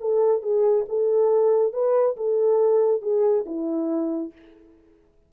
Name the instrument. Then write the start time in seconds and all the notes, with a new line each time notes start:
horn
0.00 A4
0.42 G#4
0.88 A4
1.73 B4
2.17 A4
3.02 G#4
3.46 E4